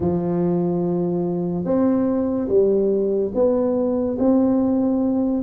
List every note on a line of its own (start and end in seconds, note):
0.00 1.64 F3
1.64 2.48 C4
2.48 3.31 G3
3.34 4.17 B3
4.19 5.43 C4